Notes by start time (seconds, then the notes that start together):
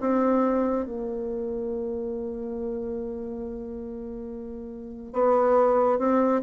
0.00 C4
0.85 A#3
5.13 B3
5.98 C4